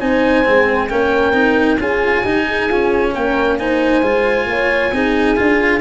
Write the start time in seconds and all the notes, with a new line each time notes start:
0.00 C4 D#4 C5 G#5
0.45 G#3 C4
0.90 A#3 C#4 A#4 G5
1.33 C4 D#4
1.79 C#4 F4 G#4 G#5
2.22 D#4 G4
2.48 G#4
2.69 C#4 F4
3.14 A#3 A#4 G5
3.59 D#4 C5 G#5
4.02 G#3 F4
4.46 A#3 C#5
4.93 C4 D#4 G#4
5.37 D4 F4